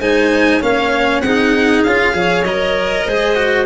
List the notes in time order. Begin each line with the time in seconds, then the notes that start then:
0.00 G#3 D#4 C5 G#5
0.61 A#3 C#4 C#5 F5
1.21 C4 D#4 G#4 F#5
1.83 C#4 F4 F5
2.13 F3 G#4 C#5
2.43 F#3 A#4 D#5
3.06 G#3 G#4 C5
3.35 F#4